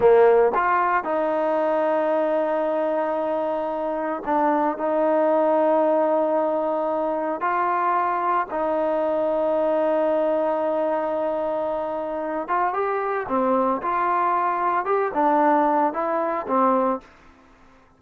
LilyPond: \new Staff \with { instrumentName = "trombone" } { \time 4/4 \tempo 4 = 113 ais4 f'4 dis'2~ | dis'1 | d'4 dis'2.~ | dis'2 f'2 |
dis'1~ | dis'2.~ dis'8 f'8 | g'4 c'4 f'2 | g'8 d'4. e'4 c'4 | }